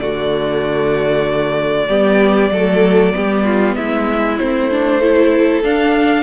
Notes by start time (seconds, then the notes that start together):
0.00 D3 A3 F#4 D5
1.88 G3 B3 G4
2.51 F#3 A3 A4
3.13 G3 B3 G4
3.45 F4
3.76 G#3 E4 E5
4.38 A3 C4 C5
4.71 D4
4.99 E4 A4
5.64 D4 F5